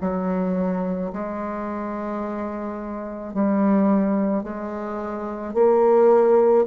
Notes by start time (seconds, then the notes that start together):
0.00 F#3
1.12 G#3
3.33 G3
4.43 G#3
5.54 A#3